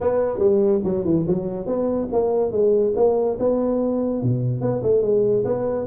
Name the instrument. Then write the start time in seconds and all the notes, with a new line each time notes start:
tuba
0.01 B3
0.39 G3
0.84 F#3
1.04 E3
1.27 F#3
1.66 B3
2.12 A#3
2.51 G#3
2.96 A#3
3.39 B3
4.22 B2
4.61 B3
4.82 A3
5.02 G#3
5.44 B3